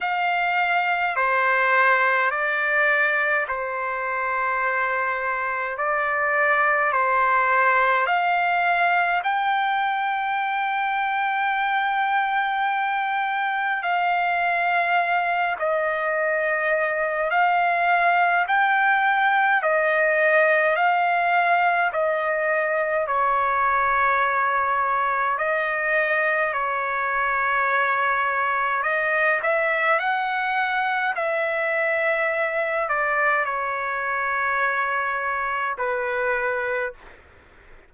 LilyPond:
\new Staff \with { instrumentName = "trumpet" } { \time 4/4 \tempo 4 = 52 f''4 c''4 d''4 c''4~ | c''4 d''4 c''4 f''4 | g''1 | f''4. dis''4. f''4 |
g''4 dis''4 f''4 dis''4 | cis''2 dis''4 cis''4~ | cis''4 dis''8 e''8 fis''4 e''4~ | e''8 d''8 cis''2 b'4 | }